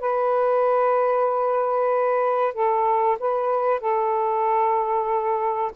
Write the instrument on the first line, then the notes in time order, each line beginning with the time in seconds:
saxophone
0.00 B4
2.54 A4
3.19 B4
3.80 A4